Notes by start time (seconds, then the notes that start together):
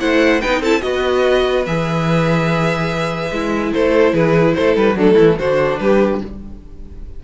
0.00 A3 E4 C5 F#5
0.41 B3 D#4 B4 G5
0.60 C4 E4 A4 A5
0.81 B3 F#4 B4 D#5
1.66 E3 G#4 E5
3.31 G#3 E4
3.72 A3 A4 C5
4.13 E3 G#4 B4
4.55 A3 A4 C5
4.76 G3 B4
4.95 F#3 A3 D4 A4
5.14 E3 E4
5.39 D3 D4 F#4 C5
5.79 G3 G4 B4